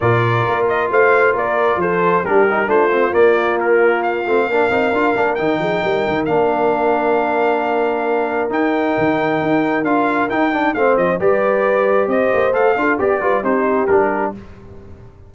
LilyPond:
<<
  \new Staff \with { instrumentName = "trumpet" } { \time 4/4 \tempo 4 = 134 d''4. dis''8 f''4 d''4 | c''4 ais'4 c''4 d''4 | ais'4 f''2. | g''2 f''2~ |
f''2. g''4~ | g''2 f''4 g''4 | f''8 dis''8 d''2 dis''4 | f''4 d''4 c''4 ais'4 | }
  \new Staff \with { instrumentName = "horn" } { \time 4/4 ais'2 c''4 ais'4 | a'4 g'4 f'2~ | f'2 ais'2~ | ais'8 gis'8 ais'2.~ |
ais'1~ | ais'1 | c''4 b'2 c''4~ | c''8 a'8 g'8 b'8 g'2 | }
  \new Staff \with { instrumentName = "trombone" } { \time 4/4 f'1~ | f'4 d'8 dis'8 d'8 c'8 ais4~ | ais4. c'8 d'8 dis'8 f'8 d'8 | dis'2 d'2~ |
d'2. dis'4~ | dis'2 f'4 dis'8 d'8 | c'4 g'2. | a'8 f'8 g'8 f'8 dis'4 d'4 | }
  \new Staff \with { instrumentName = "tuba" } { \time 4/4 ais,4 ais4 a4 ais4 | f4 g4 a4 ais4~ | ais4. a8 ais8 c'8 d'8 ais8 | dis8 f8 g8 dis8 ais2~ |
ais2. dis'4 | dis4 dis'4 d'4 dis'4 | a8 f8 g2 c'8 ais8 | a8 d'8 b8 g8 c'4 g4 | }
>>